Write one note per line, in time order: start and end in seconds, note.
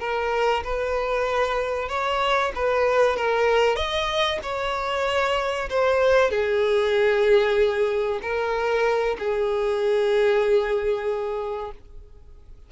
0.00 0.63 A#4
0.64 1.89 B4
1.89 2.52 C#5
2.56 3.16 B4
3.16 3.76 A#4
3.76 4.39 D#5
4.43 5.69 C#5
5.70 6.30 C5
6.30 8.20 G#4
8.22 9.17 A#4
9.19 11.72 G#4